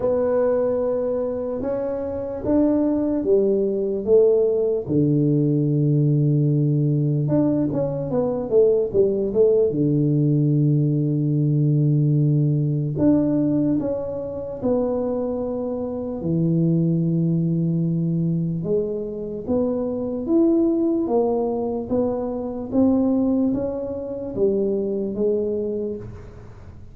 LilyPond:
\new Staff \with { instrumentName = "tuba" } { \time 4/4 \tempo 4 = 74 b2 cis'4 d'4 | g4 a4 d2~ | d4 d'8 cis'8 b8 a8 g8 a8 | d1 |
d'4 cis'4 b2 | e2. gis4 | b4 e'4 ais4 b4 | c'4 cis'4 g4 gis4 | }